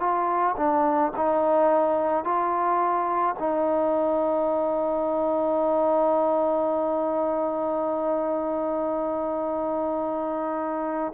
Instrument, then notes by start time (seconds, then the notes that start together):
trombone
0.00 F4
0.57 D4
1.17 D#4
2.25 F4
3.39 D#4